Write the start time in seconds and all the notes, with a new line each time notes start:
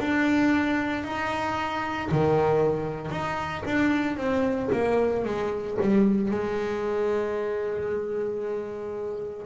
0.00 D4
1.04 D#4
2.11 D#3
3.11 D#4
3.65 D4
4.16 C4
4.72 A#3
5.24 G#3
5.81 G3
6.31 G#3